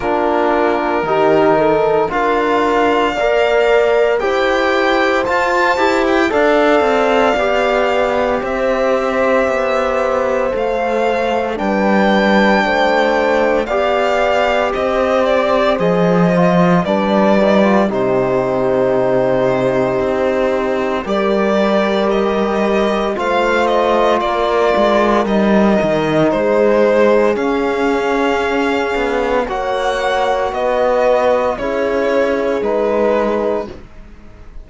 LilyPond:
<<
  \new Staff \with { instrumentName = "violin" } { \time 4/4 \tempo 4 = 57 ais'2 f''2 | g''4 a''8. g''16 f''2 | e''2 f''4 g''4~ | g''4 f''4 dis''8 d''8 dis''4 |
d''4 c''2. | d''4 dis''4 f''8 dis''8 d''4 | dis''4 c''4 f''2 | fis''4 dis''4 cis''4 b'4 | }
  \new Staff \with { instrumentName = "horn" } { \time 4/4 f'4 g'8 a'8 ais'4 d''4 | c''2 d''2 | c''2. b'4 | c''4 d''4 c''2 |
b'4 g'2. | ais'2 c''4 ais'4~ | ais'4 gis'2. | cis''4 b'4 gis'2 | }
  \new Staff \with { instrumentName = "trombone" } { \time 4/4 d'4 dis'4 f'4 ais'4 | g'4 f'8 g'8 a'4 g'4~ | g'2 a'4 d'4~ | d'4 g'2 gis'8 f'8 |
d'8 dis'16 f'16 dis'2. | g'2 f'2 | dis'2 cis'2 | fis'2 e'4 dis'4 | }
  \new Staff \with { instrumentName = "cello" } { \time 4/4 ais4 dis4 d'4 ais4 | e'4 f'8 e'8 d'8 c'8 b4 | c'4 b4 a4 g4 | a4 b4 c'4 f4 |
g4 c2 c'4 | g2 a4 ais8 gis8 | g8 dis8 gis4 cis'4. b8 | ais4 b4 cis'4 gis4 | }
>>